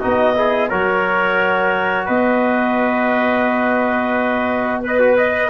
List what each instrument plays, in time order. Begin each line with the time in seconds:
0.00 tuba B3, trombone D#4, trumpet F#4, clarinet D#5
0.35 trombone E4, trumpet G#4
0.69 tuba F#3, trombone F#4, trumpet A#4, clarinet C#5
2.06 tuba B3, trumpet B4, clarinet D#5
4.81 clarinet B4, trombone B4
4.88 trumpet D#5
5.00 trumpet F#4
5.18 trumpet D#5